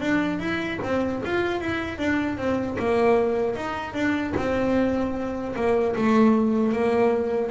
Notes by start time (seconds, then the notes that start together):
0.00 D4
0.39 E4
0.83 C4
1.25 F4
1.60 E4
1.98 D4
2.37 C4
2.79 A#3
3.56 D#4
3.94 D4
4.36 C4
5.56 A#3
5.95 A3
6.72 A#3